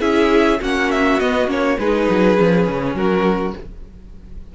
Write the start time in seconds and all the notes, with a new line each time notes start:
0.00 C#4 E4 G#4 E5
0.60 A#3 C#4 F#4 F#5
0.92 E5
1.20 B3 D#5
1.47 A#3 C#4 C#5
1.79 G#3 D#4 G#4 B4
2.10 F#3
2.37 F3 C#4
2.68 C#3
2.94 F#3 F#4 A#4